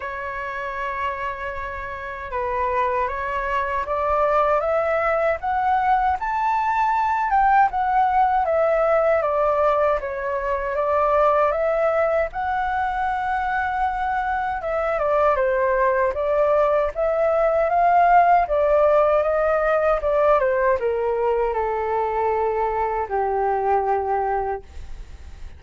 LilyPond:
\new Staff \with { instrumentName = "flute" } { \time 4/4 \tempo 4 = 78 cis''2. b'4 | cis''4 d''4 e''4 fis''4 | a''4. g''8 fis''4 e''4 | d''4 cis''4 d''4 e''4 |
fis''2. e''8 d''8 | c''4 d''4 e''4 f''4 | d''4 dis''4 d''8 c''8 ais'4 | a'2 g'2 | }